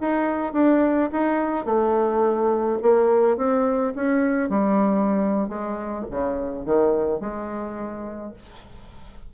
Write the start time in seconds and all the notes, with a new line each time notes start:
0.00 D#4
0.53 D4
1.12 D#4
1.65 A3
2.82 A#3
3.37 C4
3.95 C#4
4.49 G3
5.48 G#3
6.10 C#3
6.65 D#3
7.20 G#3